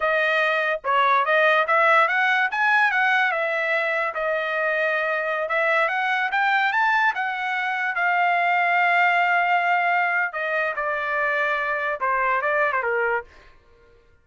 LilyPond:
\new Staff \with { instrumentName = "trumpet" } { \time 4/4 \tempo 4 = 145 dis''2 cis''4 dis''4 | e''4 fis''4 gis''4 fis''4 | e''2 dis''2~ | dis''4~ dis''16 e''4 fis''4 g''8.~ |
g''16 a''4 fis''2 f''8.~ | f''1~ | f''4 dis''4 d''2~ | d''4 c''4 d''8. c''16 ais'4 | }